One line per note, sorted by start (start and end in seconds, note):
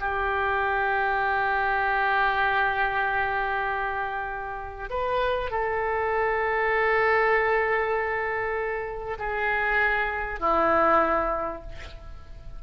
0.00 4.90 G4
4.90 5.50 B4
5.50 9.18 A4
9.18 10.40 G#4
10.40 11.62 E4